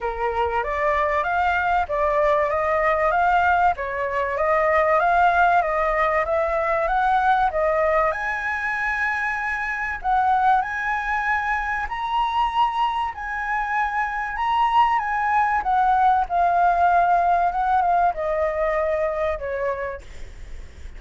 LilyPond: \new Staff \with { instrumentName = "flute" } { \time 4/4 \tempo 4 = 96 ais'4 d''4 f''4 d''4 | dis''4 f''4 cis''4 dis''4 | f''4 dis''4 e''4 fis''4 | dis''4 gis''2. |
fis''4 gis''2 ais''4~ | ais''4 gis''2 ais''4 | gis''4 fis''4 f''2 | fis''8 f''8 dis''2 cis''4 | }